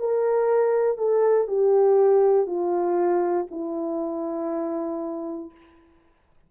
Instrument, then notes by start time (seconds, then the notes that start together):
horn
0.00 A#4
0.98 A4
1.48 G4
2.47 F4
3.51 E4